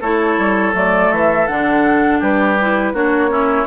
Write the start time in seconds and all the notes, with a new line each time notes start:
0.00 A3 E4 A4 C#5
0.37 G3
0.73 F#3 A3 D5
1.11 E3 E5
1.47 D3 D4 F#5
2.19 G3 G4 B4
2.60 E4
2.93 A#3 D4 F#4 C#5
3.29 C#4 E4